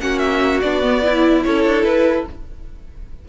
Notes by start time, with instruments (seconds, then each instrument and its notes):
0.00 cello A#3, viola C#4, violin F#4 F#5
0.19 violin E5
0.61 cello B3, viola D4, violin D5
0.83 viola B3
1.02 viola E4, violin E4
1.43 cello C#4, violin A4 C#5
1.65 cello D4
1.83 cello E4, violin B4